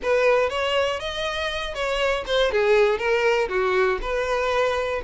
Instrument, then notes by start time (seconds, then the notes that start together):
violin
0.02 B4
0.49 C#5
0.99 D#5
1.74 C#5
2.26 C5
2.51 G#4
2.98 A#4
3.48 F#4
4.01 B4